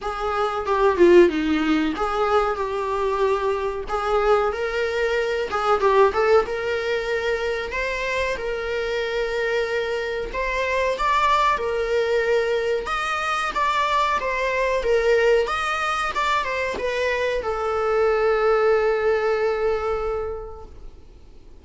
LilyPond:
\new Staff \with { instrumentName = "viola" } { \time 4/4 \tempo 4 = 93 gis'4 g'8 f'8 dis'4 gis'4 | g'2 gis'4 ais'4~ | ais'8 gis'8 g'8 a'8 ais'2 | c''4 ais'2. |
c''4 d''4 ais'2 | dis''4 d''4 c''4 ais'4 | dis''4 d''8 c''8 b'4 a'4~ | a'1 | }